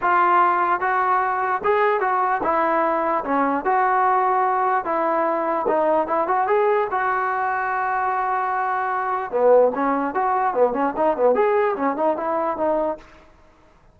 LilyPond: \new Staff \with { instrumentName = "trombone" } { \time 4/4 \tempo 4 = 148 f'2 fis'2 | gis'4 fis'4 e'2 | cis'4 fis'2. | e'2 dis'4 e'8 fis'8 |
gis'4 fis'2.~ | fis'2. b4 | cis'4 fis'4 b8 cis'8 dis'8 b8 | gis'4 cis'8 dis'8 e'4 dis'4 | }